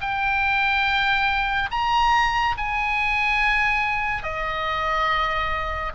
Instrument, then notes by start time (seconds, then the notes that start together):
oboe
0.00 G5
1.71 A#5
2.57 G#5
4.23 D#5